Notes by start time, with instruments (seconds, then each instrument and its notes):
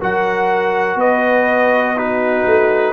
0.00 tuba F#3, trombone F#4, horn A#4, trumpet F#5
0.96 tuba B3, horn B4, trumpet D#5
1.97 trombone D#4, horn F#4, trumpet B4
2.46 tuba A3